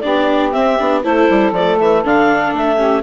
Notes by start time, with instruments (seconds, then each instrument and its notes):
0.00 bassoon B3, viola D4, saxophone G4, clarinet D5
0.52 viola C4, bassoon C4, clarinet E5
0.79 bassoon B3, viola D4
1.03 bassoon A3, viola E4, saxophone A4, clarinet C5
1.30 bassoon G3
1.52 bassoon F3, viola A3, clarinet D5
1.79 bassoon E3, clarinet E5
2.04 bassoon D3, viola D4, clarinet F5
2.53 bassoon A3, clarinet E5
2.76 viola C#4, saxophone G4